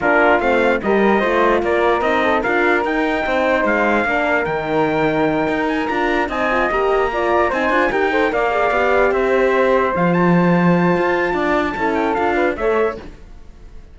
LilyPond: <<
  \new Staff \with { instrumentName = "trumpet" } { \time 4/4 \tempo 4 = 148 ais'4 f''4 dis''2 | d''4 dis''4 f''4 g''4~ | g''4 f''2 g''4~ | g''2 gis''8 ais''4 gis''8~ |
gis''8 ais''2 gis''4 g''8~ | g''8 f''2 e''4.~ | e''8 f''8 a''2.~ | a''4. g''8 f''4 e''4 | }
  \new Staff \with { instrumentName = "flute" } { \time 4/4 f'2 ais'4 c''4 | ais'4. a'8 ais'2 | c''2 ais'2~ | ais'2.~ ais'8 dis''8~ |
dis''4. d''4 c''4 ais'8 | c''8 d''2 c''4.~ | c''1 | d''4 a'4. b'8 cis''4 | }
  \new Staff \with { instrumentName = "horn" } { \time 4/4 d'4 c'4 g'4 f'4~ | f'4 dis'4 f'4 dis'4~ | dis'2 d'4 dis'4~ | dis'2~ dis'8 f'4 dis'8 |
f'8 g'4 f'4 dis'8 f'8 g'8 | a'8 ais'8 gis'8 g'2~ g'8~ | g'8 f'2.~ f'8~ | f'4 e'4 f'4 a'4 | }
  \new Staff \with { instrumentName = "cello" } { \time 4/4 ais4 a4 g4 a4 | ais4 c'4 d'4 dis'4 | c'4 gis4 ais4 dis4~ | dis4. dis'4 d'4 c'8~ |
c'8 ais2 c'8 d'8 dis'8~ | dis'8 ais4 b4 c'4.~ | c'8 f2~ f8 f'4 | d'4 cis'4 d'4 a4 | }
>>